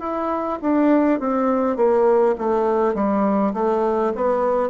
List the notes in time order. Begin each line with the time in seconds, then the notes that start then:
0.00 E4
0.61 D4
1.19 C4
1.76 A#3
2.38 A3
2.95 G3
3.54 A3
4.15 B3